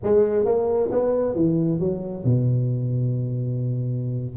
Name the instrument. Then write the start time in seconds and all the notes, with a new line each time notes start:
tuba
0.03 G#3
0.45 A#3
0.91 B3
1.35 E3
1.79 F#3
2.24 B2